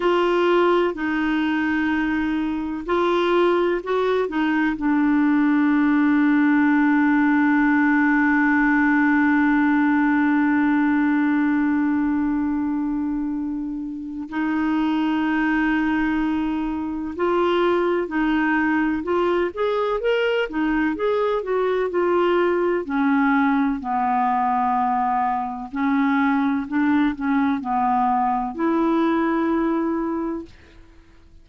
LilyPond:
\new Staff \with { instrumentName = "clarinet" } { \time 4/4 \tempo 4 = 63 f'4 dis'2 f'4 | fis'8 dis'8 d'2.~ | d'1~ | d'2. dis'4~ |
dis'2 f'4 dis'4 | f'8 gis'8 ais'8 dis'8 gis'8 fis'8 f'4 | cis'4 b2 cis'4 | d'8 cis'8 b4 e'2 | }